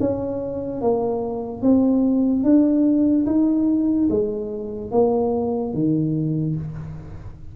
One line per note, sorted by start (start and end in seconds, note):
0.00 0.81 C#4
0.81 1.63 A#3
1.63 2.44 C4
2.44 3.26 D4
3.26 4.08 D#4
4.10 4.92 G#3
4.92 5.74 A#3
5.74 6.56 D#3